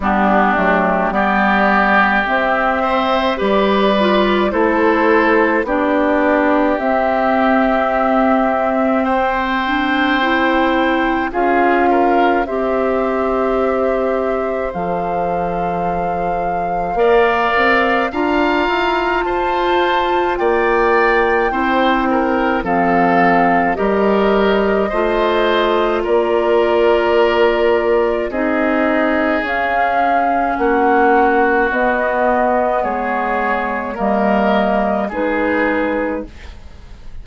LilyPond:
<<
  \new Staff \with { instrumentName = "flute" } { \time 4/4 \tempo 4 = 53 g'4 d''4 e''4 d''4 | c''4 d''4 e''2 | g''2 f''4 e''4~ | e''4 f''2. |
ais''4 a''4 g''2 | f''4 dis''2 d''4~ | d''4 dis''4 f''4 fis''4 | dis''4 cis''4 dis''4 b'4 | }
  \new Staff \with { instrumentName = "oboe" } { \time 4/4 d'4 g'4. c''8 b'4 | a'4 g'2. | c''2 gis'8 ais'8 c''4~ | c''2. d''4 |
f''4 c''4 d''4 c''8 ais'8 | a'4 ais'4 c''4 ais'4~ | ais'4 gis'2 fis'4~ | fis'4 gis'4 ais'4 gis'4 | }
  \new Staff \with { instrumentName = "clarinet" } { \time 4/4 b8 a8 b4 c'4 g'8 f'8 | e'4 d'4 c'2~ | c'8 d'8 e'4 f'4 g'4~ | g'4 a'2 ais'4 |
f'2. e'4 | c'4 g'4 f'2~ | f'4 dis'4 cis'2 | b2 ais4 dis'4 | }
  \new Staff \with { instrumentName = "bassoon" } { \time 4/4 g8 fis8 g4 c'4 g4 | a4 b4 c'2~ | c'2 cis'4 c'4~ | c'4 f2 ais8 c'8 |
d'8 e'8 f'4 ais4 c'4 | f4 g4 a4 ais4~ | ais4 c'4 cis'4 ais4 | b4 gis4 g4 gis4 | }
>>